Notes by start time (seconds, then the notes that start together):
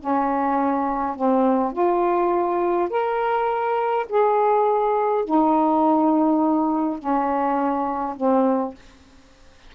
0.00 C#4
1.16 C4
1.73 F4
2.90 A#4
4.09 G#4
5.25 D#4
6.99 C#4
8.16 C4